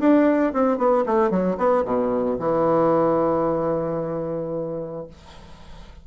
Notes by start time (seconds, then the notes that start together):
0.00 D4
0.53 C4
0.78 B3
1.06 A3
1.31 F#3
1.58 B3
1.85 B2
2.40 E3